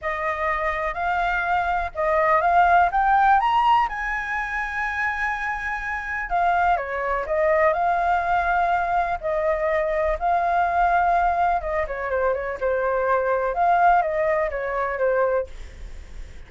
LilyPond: \new Staff \with { instrumentName = "flute" } { \time 4/4 \tempo 4 = 124 dis''2 f''2 | dis''4 f''4 g''4 ais''4 | gis''1~ | gis''4 f''4 cis''4 dis''4 |
f''2. dis''4~ | dis''4 f''2. | dis''8 cis''8 c''8 cis''8 c''2 | f''4 dis''4 cis''4 c''4 | }